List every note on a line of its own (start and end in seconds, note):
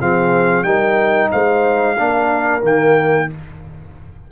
0.00 0.63 F3
0.00 0.65 C4
0.00 0.66 G#4
0.00 0.63 F5
0.63 1.29 G3
0.63 1.96 D#4
0.63 1.30 A#4
0.63 1.29 G5
1.30 1.98 G#3
1.30 1.96 C5
1.30 2.63 F5
1.96 2.62 A#3
1.96 2.61 D4
1.96 3.28 A#4
2.61 3.28 D#3
2.61 3.27 A#3
2.61 3.31 G5